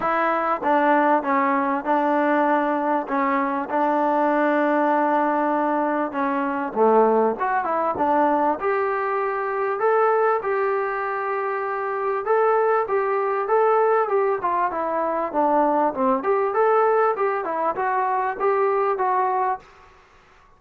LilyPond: \new Staff \with { instrumentName = "trombone" } { \time 4/4 \tempo 4 = 98 e'4 d'4 cis'4 d'4~ | d'4 cis'4 d'2~ | d'2 cis'4 a4 | fis'8 e'8 d'4 g'2 |
a'4 g'2. | a'4 g'4 a'4 g'8 f'8 | e'4 d'4 c'8 g'8 a'4 | g'8 e'8 fis'4 g'4 fis'4 | }